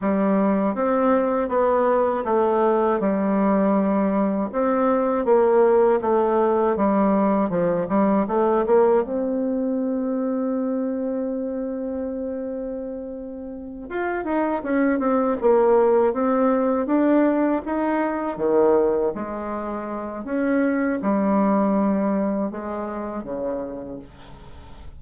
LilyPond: \new Staff \with { instrumentName = "bassoon" } { \time 4/4 \tempo 4 = 80 g4 c'4 b4 a4 | g2 c'4 ais4 | a4 g4 f8 g8 a8 ais8 | c'1~ |
c'2~ c'8 f'8 dis'8 cis'8 | c'8 ais4 c'4 d'4 dis'8~ | dis'8 dis4 gis4. cis'4 | g2 gis4 cis4 | }